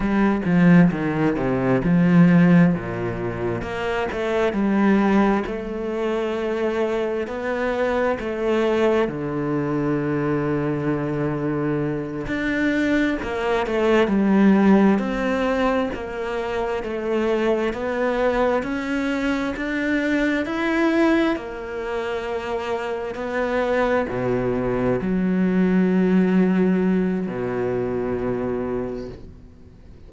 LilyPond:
\new Staff \with { instrumentName = "cello" } { \time 4/4 \tempo 4 = 66 g8 f8 dis8 c8 f4 ais,4 | ais8 a8 g4 a2 | b4 a4 d2~ | d4. d'4 ais8 a8 g8~ |
g8 c'4 ais4 a4 b8~ | b8 cis'4 d'4 e'4 ais8~ | ais4. b4 b,4 fis8~ | fis2 b,2 | }